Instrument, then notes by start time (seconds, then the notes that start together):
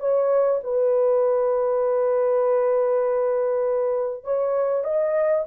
horn
0.00 C#5
0.64 B4
4.24 C#5
4.84 D#5